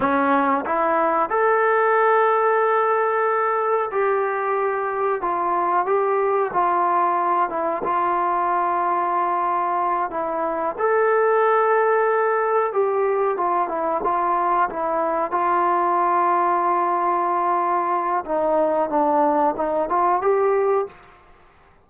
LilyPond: \new Staff \with { instrumentName = "trombone" } { \time 4/4 \tempo 4 = 92 cis'4 e'4 a'2~ | a'2 g'2 | f'4 g'4 f'4. e'8 | f'2.~ f'8 e'8~ |
e'8 a'2. g'8~ | g'8 f'8 e'8 f'4 e'4 f'8~ | f'1 | dis'4 d'4 dis'8 f'8 g'4 | }